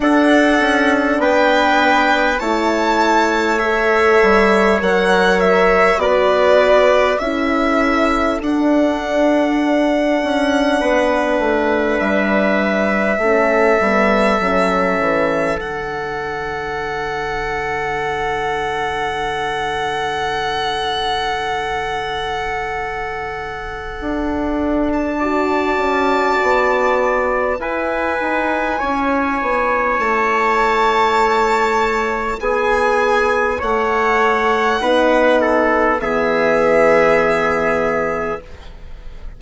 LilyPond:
<<
  \new Staff \with { instrumentName = "violin" } { \time 4/4 \tempo 4 = 50 fis''4 g''4 a''4 e''4 | fis''8 e''8 d''4 e''4 fis''4~ | fis''2 e''2~ | e''4 fis''2.~ |
fis''1~ | fis''8. a''2~ a''16 gis''4~ | gis''4 a''2 gis''4 | fis''2 e''2 | }
  \new Staff \with { instrumentName = "trumpet" } { \time 4/4 a'4 b'4 cis''2~ | cis''4 b'4 a'2~ | a'4 b'2 a'4~ | a'1~ |
a'1~ | a'4 d''2 b'4 | cis''2. gis'4 | cis''4 b'8 a'8 gis'2 | }
  \new Staff \with { instrumentName = "horn" } { \time 4/4 d'2 e'4 a'4 | ais'4 fis'4 e'4 d'4~ | d'2. cis'8 b8 | cis'4 d'2.~ |
d'1~ | d'4 fis'2 e'4~ | e'1~ | e'4 dis'4 b2 | }
  \new Staff \with { instrumentName = "bassoon" } { \time 4/4 d'8 cis'8 b4 a4. g8 | fis4 b4 cis'4 d'4~ | d'8 cis'8 b8 a8 g4 a8 g8 | fis8 e8 d2.~ |
d1 | d'4. cis'8 b4 e'8 dis'8 | cis'8 b8 a2 b4 | a4 b4 e2 | }
>>